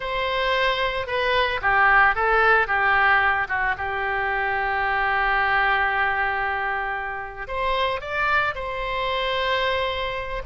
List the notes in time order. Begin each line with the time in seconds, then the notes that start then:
0.00 C5
1.07 B4
1.61 G4
2.15 A4
2.67 G4
3.48 F#4
3.77 G4
7.47 C5
8.01 D5
8.54 C5